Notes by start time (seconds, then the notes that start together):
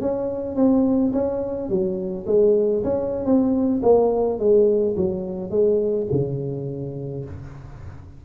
0.00 C#4
0.55 C4
1.12 C#4
1.69 F#3
2.26 G#3
2.83 C#4
3.25 C4
3.82 A#3
4.39 G#3
4.96 F#3
5.50 G#3
6.11 C#3